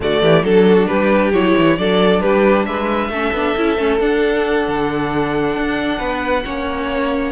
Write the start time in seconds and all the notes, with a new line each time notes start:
0.00 D3 A3 F#4 D5
0.22 E3 G4
0.42 F#3 D4 A4
0.66 F#4
0.87 G3 G4 B4
1.32 F#3 E4 C#5
1.57 E3
1.76 F#3 D4 A4 D5
2.20 G3 G4 B4
2.65 G#3 B4 E5
3.09 A3 C#4 A4
3.32 B3 D4
3.56 C#4 E4
3.77 A3 C#4
4.00 D4 F#5
4.67 D3
5.56 D4
5.98 B3 B4
6.44 A#3 C#4 C#5